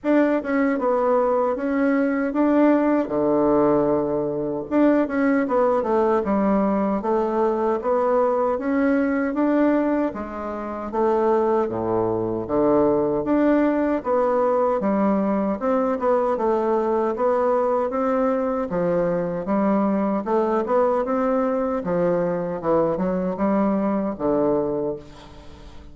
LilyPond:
\new Staff \with { instrumentName = "bassoon" } { \time 4/4 \tempo 4 = 77 d'8 cis'8 b4 cis'4 d'4 | d2 d'8 cis'8 b8 a8 | g4 a4 b4 cis'4 | d'4 gis4 a4 a,4 |
d4 d'4 b4 g4 | c'8 b8 a4 b4 c'4 | f4 g4 a8 b8 c'4 | f4 e8 fis8 g4 d4 | }